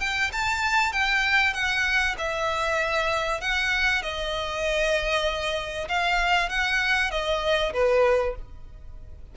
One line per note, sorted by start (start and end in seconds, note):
0.00 0.31 G5
0.32 0.92 A5
0.92 1.54 G5
1.54 2.15 F#5
2.18 3.41 E5
3.41 4.02 F#5
4.02 5.88 D#5
5.88 6.49 F5
6.49 7.11 F#5
7.11 7.73 D#5
7.73 8.35 B4